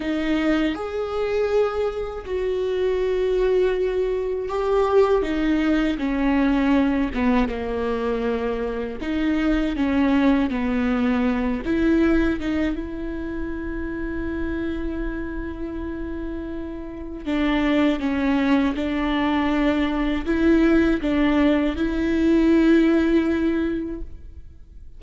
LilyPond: \new Staff \with { instrumentName = "viola" } { \time 4/4 \tempo 4 = 80 dis'4 gis'2 fis'4~ | fis'2 g'4 dis'4 | cis'4. b8 ais2 | dis'4 cis'4 b4. e'8~ |
e'8 dis'8 e'2.~ | e'2. d'4 | cis'4 d'2 e'4 | d'4 e'2. | }